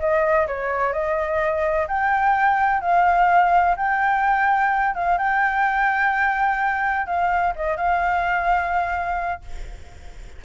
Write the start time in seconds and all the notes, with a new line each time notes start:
0.00 D#5
0.48 C#5
0.93 D#5
1.88 G5
2.81 F5
3.77 G5
4.95 F5
5.18 G5
7.07 F5
7.56 D#5
7.77 F5